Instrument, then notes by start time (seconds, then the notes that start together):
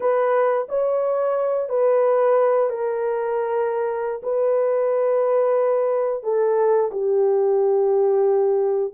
horn
0.00 B4
0.69 C#5
1.69 B4
2.69 A#4
4.22 B4
6.23 A4
6.91 G4